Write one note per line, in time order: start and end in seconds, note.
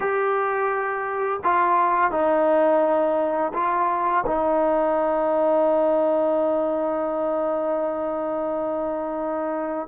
0.00 1.40 G4
1.43 2.11 F4
2.11 3.52 D#4
3.53 4.24 F4
4.26 9.87 D#4